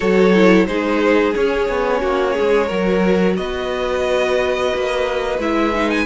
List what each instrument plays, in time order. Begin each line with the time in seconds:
0.00 cello F#3, viola F#4, violin A4 C#5
0.34 viola E4
0.66 cello G#3, viola D#4, violin G#4 C5
1.33 viola C#4, cello C#4, violin C#5
1.68 cello B3
2.01 cello A#3, violin F#4
2.33 violin G#4
2.40 cello G#3
2.66 cello F#3, viola F#4, violin A#4
3.36 cello B3, violin B4 D#5
4.74 cello A#3
5.38 cello G#3, viola E4, violin E5
5.74 viola D#4
5.90 violin G#5